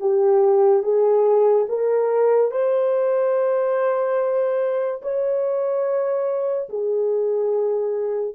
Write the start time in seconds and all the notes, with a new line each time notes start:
0.00 G4
0.82 G#4
1.68 A#4
2.51 C5
5.02 C#5
6.69 G#4